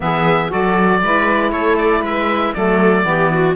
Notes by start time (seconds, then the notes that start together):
0.00 E3 B3 G#4 E5
0.48 F#3 F#4 A4 D5
1.03 G#3 E4 B4
1.51 A3 A4 C#5
1.77 D5
2.01 G#3 B4 E5
2.54 F#3 A3 A4 D5
3.03 E3 B3 G4
3.32 F#4